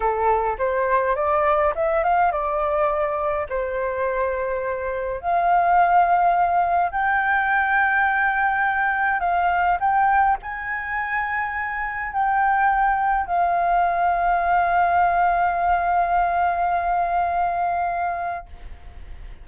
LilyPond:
\new Staff \with { instrumentName = "flute" } { \time 4/4 \tempo 4 = 104 a'4 c''4 d''4 e''8 f''8 | d''2 c''2~ | c''4 f''2. | g''1 |
f''4 g''4 gis''2~ | gis''4 g''2 f''4~ | f''1~ | f''1 | }